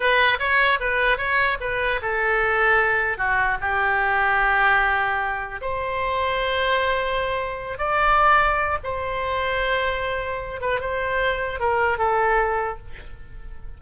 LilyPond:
\new Staff \with { instrumentName = "oboe" } { \time 4/4 \tempo 4 = 150 b'4 cis''4 b'4 cis''4 | b'4 a'2. | fis'4 g'2.~ | g'2 c''2~ |
c''2.~ c''8 d''8~ | d''2 c''2~ | c''2~ c''8 b'8 c''4~ | c''4 ais'4 a'2 | }